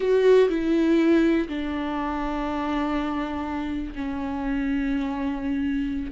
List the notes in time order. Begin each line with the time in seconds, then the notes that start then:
0.00 F#4
0.49 E4
1.48 D4
3.95 C#4